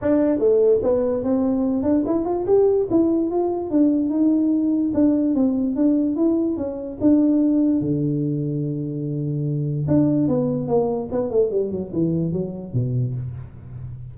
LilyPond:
\new Staff \with { instrumentName = "tuba" } { \time 4/4 \tempo 4 = 146 d'4 a4 b4 c'4~ | c'8 d'8 e'8 f'8 g'4 e'4 | f'4 d'4 dis'2 | d'4 c'4 d'4 e'4 |
cis'4 d'2 d4~ | d1 | d'4 b4 ais4 b8 a8 | g8 fis8 e4 fis4 b,4 | }